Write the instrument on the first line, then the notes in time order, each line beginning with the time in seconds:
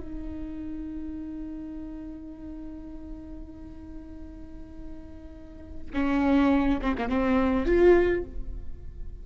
viola
0.00 D#4
5.94 C#4
6.81 C4
6.98 A#3
7.09 C4
7.66 F4